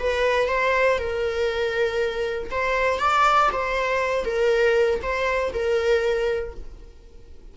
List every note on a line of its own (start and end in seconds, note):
0.00 0.49 B4
0.49 0.99 C5
0.99 2.50 A#4
2.51 3.00 C5
3.00 3.50 D5
3.53 4.25 C5
4.25 5.01 A#4
5.03 5.53 C5
5.53 6.54 A#4